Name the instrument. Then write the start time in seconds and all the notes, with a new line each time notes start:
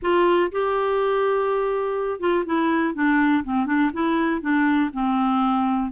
clarinet
0.01 F4
0.51 G4
2.20 F4
2.45 E4
2.94 D4
3.44 C4
3.66 D4
3.93 E4
4.41 D4
4.93 C4